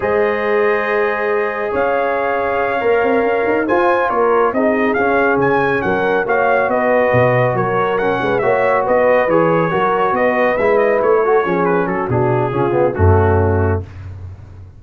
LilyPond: <<
  \new Staff \with { instrumentName = "trumpet" } { \time 4/4 \tempo 4 = 139 dis''1 | f''1~ | f''8 gis''4 cis''4 dis''4 f''8~ | f''8 gis''4 fis''4 f''4 dis''8~ |
dis''4. cis''4 fis''4 e''8~ | e''8 dis''4 cis''2 dis''8~ | dis''8 e''8 dis''8 cis''4. b'8 a'8 | gis'2 fis'2 | }
  \new Staff \with { instrumentName = "horn" } { \time 4/4 c''1 | cis''1~ | cis''8 c''4 ais'4 gis'4.~ | gis'4. ais'4 cis''4 b'8~ |
b'4. ais'4. b'8 cis''8~ | cis''8 b'2 ais'4 b'8~ | b'2 a'8 gis'4 fis'8~ | fis'4 f'4 cis'2 | }
  \new Staff \with { instrumentName = "trombone" } { \time 4/4 gis'1~ | gis'2~ gis'8 ais'4.~ | ais'8 f'2 dis'4 cis'8~ | cis'2~ cis'8 fis'4.~ |
fis'2~ fis'8 cis'4 fis'8~ | fis'4. gis'4 fis'4.~ | fis'8 e'4. fis'8 cis'4. | d'4 cis'8 b8 a2 | }
  \new Staff \with { instrumentName = "tuba" } { \time 4/4 gis1 | cis'2~ cis'8 ais8 c'8 cis'8 | dis'8 f'4 ais4 c'4 cis'8~ | cis'8 cis4 fis4 ais4 b8~ |
b8 b,4 fis4. gis8 ais8~ | ais8 b4 e4 fis4 b8~ | b8 gis4 a4 f4 fis8 | b,4 cis4 fis,2 | }
>>